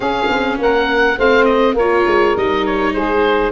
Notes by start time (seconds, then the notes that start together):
0.00 C#4 G#4 F5
0.29 C4
0.58 A#3 A#4 F#5
1.17 A3 C4 C5 F5
1.44 D#5
1.73 A#3 F4 A#4 C#5
2.06 G#3
2.36 G3 D#4 D#5
2.65 C#5
2.93 G#3 G#4 C5